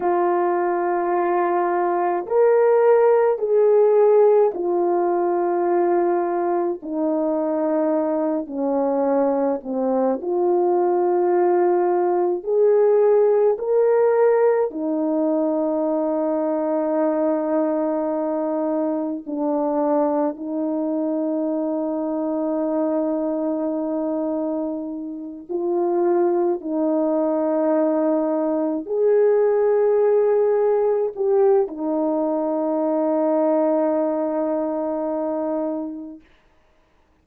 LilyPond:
\new Staff \with { instrumentName = "horn" } { \time 4/4 \tempo 4 = 53 f'2 ais'4 gis'4 | f'2 dis'4. cis'8~ | cis'8 c'8 f'2 gis'4 | ais'4 dis'2.~ |
dis'4 d'4 dis'2~ | dis'2~ dis'8 f'4 dis'8~ | dis'4. gis'2 g'8 | dis'1 | }